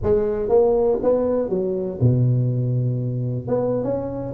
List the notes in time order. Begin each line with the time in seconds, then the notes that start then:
0.02 G#3
0.48 A#3
1.03 B3
1.49 F#3
2.00 B2
3.47 B3
3.83 C#4